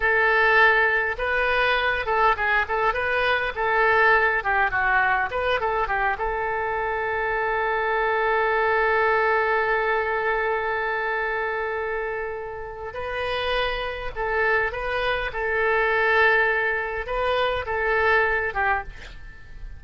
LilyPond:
\new Staff \with { instrumentName = "oboe" } { \time 4/4 \tempo 4 = 102 a'2 b'4. a'8 | gis'8 a'8 b'4 a'4. g'8 | fis'4 b'8 a'8 g'8 a'4.~ | a'1~ |
a'1~ | a'2 b'2 | a'4 b'4 a'2~ | a'4 b'4 a'4. g'8 | }